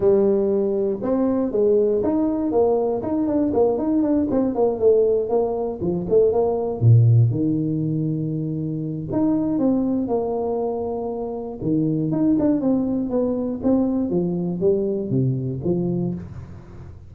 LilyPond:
\new Staff \with { instrumentName = "tuba" } { \time 4/4 \tempo 4 = 119 g2 c'4 gis4 | dis'4 ais4 dis'8 d'8 ais8 dis'8 | d'8 c'8 ais8 a4 ais4 f8 | a8 ais4 ais,4 dis4.~ |
dis2 dis'4 c'4 | ais2. dis4 | dis'8 d'8 c'4 b4 c'4 | f4 g4 c4 f4 | }